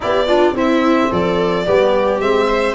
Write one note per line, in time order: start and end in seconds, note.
0.00 0.52 B3
0.00 0.27 E4
0.00 0.27 G4
0.00 0.56 D5
0.27 0.55 D4
0.27 0.54 F4
0.52 1.07 C4
0.52 1.65 C4
0.52 1.10 E4
0.52 1.12 E5
1.10 1.67 F3
1.10 1.65 A4
1.10 2.20 D5
1.65 2.20 G3
1.65 2.21 B3
1.65 2.47 G4
2.20 2.74 G#3
2.20 2.74 C4
2.20 2.74 E5
2.47 2.74 C5